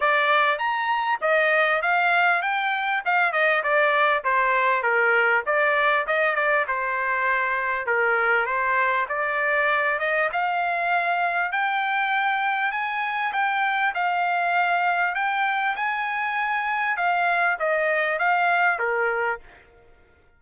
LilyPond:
\new Staff \with { instrumentName = "trumpet" } { \time 4/4 \tempo 4 = 99 d''4 ais''4 dis''4 f''4 | g''4 f''8 dis''8 d''4 c''4 | ais'4 d''4 dis''8 d''8 c''4~ | c''4 ais'4 c''4 d''4~ |
d''8 dis''8 f''2 g''4~ | g''4 gis''4 g''4 f''4~ | f''4 g''4 gis''2 | f''4 dis''4 f''4 ais'4 | }